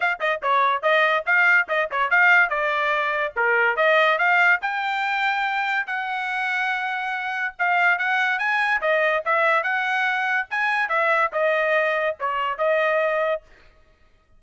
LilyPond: \new Staff \with { instrumentName = "trumpet" } { \time 4/4 \tempo 4 = 143 f''8 dis''8 cis''4 dis''4 f''4 | dis''8 cis''8 f''4 d''2 | ais'4 dis''4 f''4 g''4~ | g''2 fis''2~ |
fis''2 f''4 fis''4 | gis''4 dis''4 e''4 fis''4~ | fis''4 gis''4 e''4 dis''4~ | dis''4 cis''4 dis''2 | }